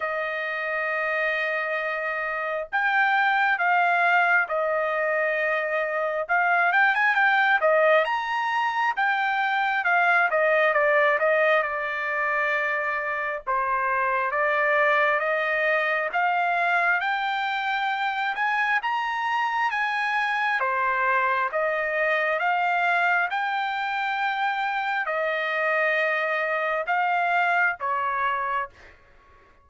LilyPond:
\new Staff \with { instrumentName = "trumpet" } { \time 4/4 \tempo 4 = 67 dis''2. g''4 | f''4 dis''2 f''8 g''16 gis''16 | g''8 dis''8 ais''4 g''4 f''8 dis''8 | d''8 dis''8 d''2 c''4 |
d''4 dis''4 f''4 g''4~ | g''8 gis''8 ais''4 gis''4 c''4 | dis''4 f''4 g''2 | dis''2 f''4 cis''4 | }